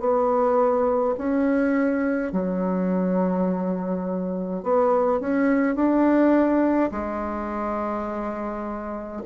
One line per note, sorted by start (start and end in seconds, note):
0.00 1.15 B3
1.18 2.33 C#4
2.33 4.64 F#3
4.64 5.20 B3
5.20 5.76 C#4
5.76 6.91 D4
6.92 9.23 G#3